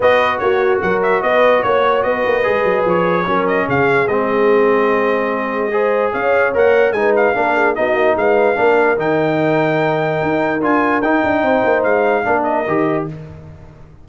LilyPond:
<<
  \new Staff \with { instrumentName = "trumpet" } { \time 4/4 \tempo 4 = 147 dis''4 cis''4 fis''8 e''8 dis''4 | cis''4 dis''2 cis''4~ | cis''8 dis''8 f''4 dis''2~ | dis''2. f''4 |
fis''4 gis''8 f''4. dis''4 | f''2 g''2~ | g''2 gis''4 g''4~ | g''4 f''4. dis''4. | }
  \new Staff \with { instrumentName = "horn" } { \time 4/4 b'4 fis'4 ais'4 b'4 | cis''4 b'2. | ais'4 gis'2.~ | gis'2 c''4 cis''4~ |
cis''4 b'4 ais'8 gis'8 fis'4 | b'4 ais'2.~ | ais'1 | c''2 ais'2 | }
  \new Staff \with { instrumentName = "trombone" } { \time 4/4 fis'1~ | fis'2 gis'2 | cis'2 c'2~ | c'2 gis'2 |
ais'4 dis'4 d'4 dis'4~ | dis'4 d'4 dis'2~ | dis'2 f'4 dis'4~ | dis'2 d'4 g'4 | }
  \new Staff \with { instrumentName = "tuba" } { \time 4/4 b4 ais4 fis4 b4 | ais4 b8 ais8 gis8 fis8 f4 | fis4 cis4 gis2~ | gis2. cis'4 |
ais4 gis4 ais4 b8 ais8 | gis4 ais4 dis2~ | dis4 dis'4 d'4 dis'8 d'8 | c'8 ais8 gis4 ais4 dis4 | }
>>